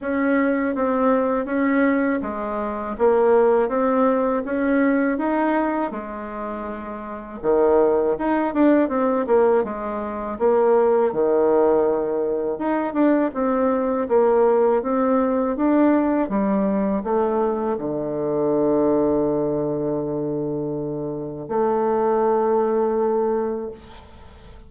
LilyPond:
\new Staff \with { instrumentName = "bassoon" } { \time 4/4 \tempo 4 = 81 cis'4 c'4 cis'4 gis4 | ais4 c'4 cis'4 dis'4 | gis2 dis4 dis'8 d'8 | c'8 ais8 gis4 ais4 dis4~ |
dis4 dis'8 d'8 c'4 ais4 | c'4 d'4 g4 a4 | d1~ | d4 a2. | }